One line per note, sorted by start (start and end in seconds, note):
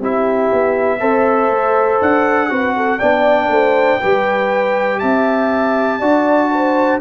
0.00 0.50 C4
0.00 1.00 E4
0.00 0.99 G4
0.00 2.01 E5
0.52 1.01 B3
0.99 1.50 C4
0.99 2.49 A4
0.99 2.49 C5
1.50 2.00 A3
2.01 2.50 D4
2.01 2.99 F#5
2.49 3.00 C4
2.49 2.99 F#4
2.49 2.75 B4
2.76 2.98 A4
2.98 3.48 B3
2.98 4.01 D4
2.98 3.48 D5
2.98 4.99 G5
3.48 3.98 A3
3.48 4.00 C5
4.00 5.02 G3
4.00 6.01 G4
4.00 5.00 B4
4.99 6.01 C4
4.99 5.99 E5
4.99 6.99 A5
5.99 7.01 D4
5.99 7.01 F#4
5.99 6.49 D5
6.51 7.01 C5